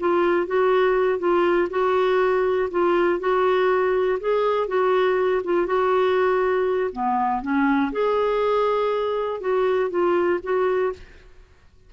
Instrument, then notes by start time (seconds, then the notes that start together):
clarinet
0.00 F4
0.47 F#4
1.19 F4
1.70 F#4
2.71 F4
3.20 F#4
4.20 G#4
4.68 F#4
5.44 F4
5.67 F#4
6.93 B3
7.42 C#4
7.92 G#4
9.41 F#4
9.90 F4
10.44 F#4